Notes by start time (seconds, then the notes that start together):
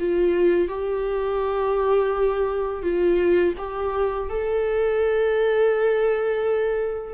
0.00 F4
0.69 G4
2.83 F4
3.58 G4
4.30 A4